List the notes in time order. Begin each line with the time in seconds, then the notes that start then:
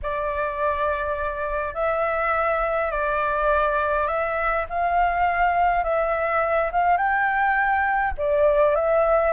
0.02 D5
1.74 E5
2.91 D5
4.07 E5
4.69 F5
5.83 E5
6.71 F5
6.97 G5
8.17 D5
8.75 E5